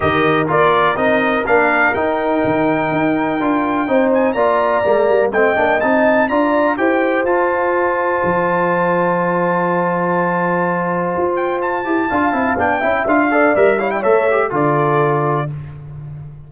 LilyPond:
<<
  \new Staff \with { instrumentName = "trumpet" } { \time 4/4 \tempo 4 = 124 dis''4 d''4 dis''4 f''4 | g''1~ | g''8 gis''8 ais''2 g''4 | a''4 ais''4 g''4 a''4~ |
a''1~ | a''2.~ a''8 g''8 | a''2 g''4 f''4 | e''8 f''16 g''16 e''4 d''2 | }
  \new Staff \with { instrumentName = "horn" } { \time 4/4 ais'1~ | ais'1 | c''4 d''2 dis''4~ | dis''4 d''4 c''2~ |
c''1~ | c''1~ | c''4 f''4. e''4 d''8~ | d''8 cis''16 d''16 cis''4 a'2 | }
  \new Staff \with { instrumentName = "trombone" } { \time 4/4 g'4 f'4 dis'4 d'4 | dis'2. f'4 | dis'4 f'4 ais4 c'8 d'8 | dis'4 f'4 g'4 f'4~ |
f'1~ | f'1~ | f'8 g'8 f'8 e'8 d'8 e'8 f'8 a'8 | ais'8 e'8 a'8 g'8 f'2 | }
  \new Staff \with { instrumentName = "tuba" } { \time 4/4 dis4 ais4 c'4 ais4 | dis'4 dis4 dis'4 d'4 | c'4 ais4 gis8 g8 a8 ais8 | c'4 d'4 e'4 f'4~ |
f'4 f2.~ | f2. f'4~ | f'8 e'8 d'8 c'8 b8 cis'8 d'4 | g4 a4 d2 | }
>>